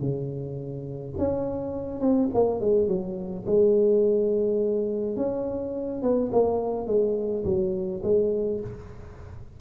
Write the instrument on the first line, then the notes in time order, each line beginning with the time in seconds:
tuba
0.00 C#3
1.18 C#4
2.01 C4
2.34 A#3
2.61 G#3
2.88 F#3
3.46 G#3
5.17 C#4
6.03 B3
6.32 A#3
6.87 G#3
7.45 F#3
8.04 G#3